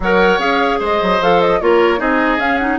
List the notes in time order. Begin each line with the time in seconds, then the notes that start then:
0.00 F#3 A#4 C#5 F#5
0.38 C#4 G#4 F5
0.79 G#3 C5 D#5
1.02 F#3
1.20 F3 A4 F5
1.40 D#5
1.60 A#3 F4 A#4 C#5
1.97 C4 D#4 G#4 D#5
2.38 C#4 F5
2.58 D#4 F#5